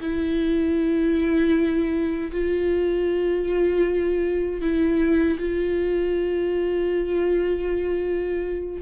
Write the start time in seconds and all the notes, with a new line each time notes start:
0.00 E4
2.31 F4
4.61 E4
5.39 F4